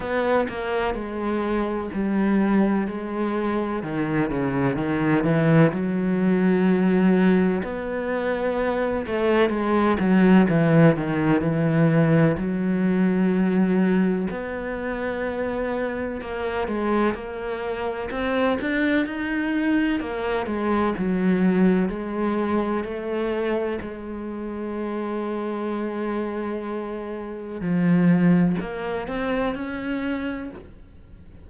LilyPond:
\new Staff \with { instrumentName = "cello" } { \time 4/4 \tempo 4 = 63 b8 ais8 gis4 g4 gis4 | dis8 cis8 dis8 e8 fis2 | b4. a8 gis8 fis8 e8 dis8 | e4 fis2 b4~ |
b4 ais8 gis8 ais4 c'8 d'8 | dis'4 ais8 gis8 fis4 gis4 | a4 gis2.~ | gis4 f4 ais8 c'8 cis'4 | }